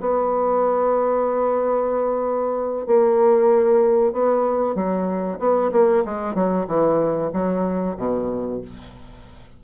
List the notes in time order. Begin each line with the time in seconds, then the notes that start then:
0.00 B3
2.86 A#3
4.12 B3
4.75 F#3
5.39 B3
5.72 A#3
6.05 G#3
6.34 F#3
6.67 E3
7.33 F#3
7.97 B2